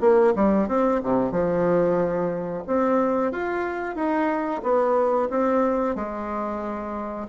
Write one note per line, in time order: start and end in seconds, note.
0.00 0.33 A#3
0.35 0.68 G3
0.68 1.01 C4
1.02 1.31 C3
1.31 2.63 F3
2.66 3.31 C4
3.31 3.95 F4
3.95 4.61 D#4
4.62 5.28 B3
5.29 5.95 C4
5.95 7.27 G#3